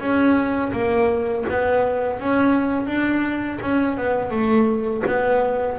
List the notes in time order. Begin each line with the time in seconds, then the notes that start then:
0.00 C#4
0.73 A#3
1.49 B3
2.20 C#4
2.87 D4
3.62 C#4
3.98 B3
4.31 A3
5.07 B3